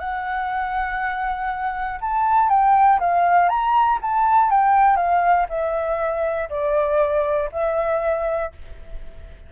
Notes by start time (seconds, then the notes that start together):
0.00 F#5
2.01 A5
2.50 G5
3.00 F5
3.49 A#5
4.02 A5
4.51 G5
4.97 F5
5.50 E5
6.50 D5
7.52 E5